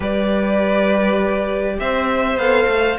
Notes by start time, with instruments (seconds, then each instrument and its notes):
0.00 cello G3, viola G4, violin B4 D5
1.79 cello C4, violin C5 E5
2.36 cello B3, viola A4, violin F5
2.67 cello A3